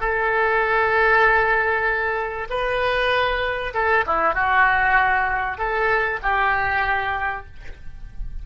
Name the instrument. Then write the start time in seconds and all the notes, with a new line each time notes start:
oboe
0.00 A4
2.49 B4
3.73 A4
4.07 E4
4.34 F#4
5.58 A4
6.22 G4